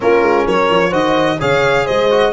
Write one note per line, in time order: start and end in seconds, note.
0.00 0.21 A#3
0.00 0.90 C#4
0.00 0.44 F4
0.00 0.47 A#4
0.21 0.45 G#3
0.44 0.69 F#3
0.44 0.89 A#4
0.44 0.93 C#5
0.69 0.92 F3
0.89 1.38 D#3
0.89 1.37 F#4
0.89 1.35 C5
0.89 1.39 D#5
1.38 1.87 C#3
1.38 2.09 G#4
1.38 1.85 C#5
1.38 1.86 F5
1.85 2.32 G#3
1.85 2.31 C5
1.85 2.32 D#5
2.10 2.32 F#4